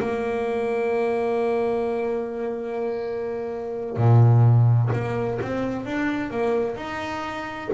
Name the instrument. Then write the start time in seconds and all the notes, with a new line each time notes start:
double bass
0.00 A#3
3.97 A#2
4.93 A#3
5.42 C4
5.86 D4
6.31 A#3
6.76 D#4